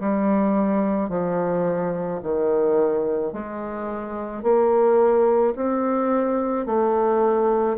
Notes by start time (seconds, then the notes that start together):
0.00 G3
1.09 F3
2.23 D#3
3.33 G#3
4.43 A#3
5.56 C4
6.66 A3